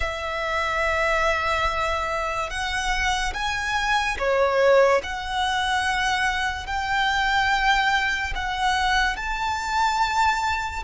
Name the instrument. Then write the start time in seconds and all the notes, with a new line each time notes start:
violin
0.00 E5
2.50 F#5
3.33 G#5
4.18 C#5
5.03 F#5
6.66 G5
8.35 F#5
9.16 A5